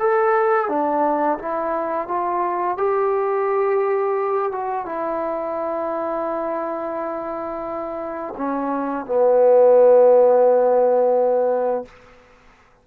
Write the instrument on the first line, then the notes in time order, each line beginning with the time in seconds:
trombone
0.00 A4
0.69 D4
1.39 E4
2.08 F4
2.78 G4
4.52 F#4
4.86 E4
8.38 C#4
9.06 B3